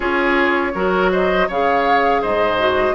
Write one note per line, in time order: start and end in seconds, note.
0.00 0.74 C#4
0.00 0.74 F4
0.00 0.71 G#4
0.00 1.10 C#5
0.74 1.48 F#3
0.74 1.49 F#4
0.74 1.11 A#4
1.11 1.48 C5
1.11 1.49 D#5
1.48 2.23 C#3
1.48 2.58 G#4
1.48 2.21 C#5
1.48 2.23 F5
2.21 2.95 G#2
2.21 2.95 C5
2.21 2.95 D#5
2.58 2.95 F#4